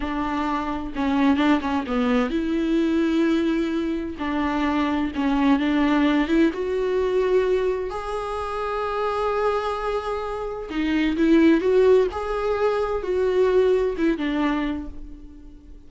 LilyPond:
\new Staff \with { instrumentName = "viola" } { \time 4/4 \tempo 4 = 129 d'2 cis'4 d'8 cis'8 | b4 e'2.~ | e'4 d'2 cis'4 | d'4. e'8 fis'2~ |
fis'4 gis'2.~ | gis'2. dis'4 | e'4 fis'4 gis'2 | fis'2 e'8 d'4. | }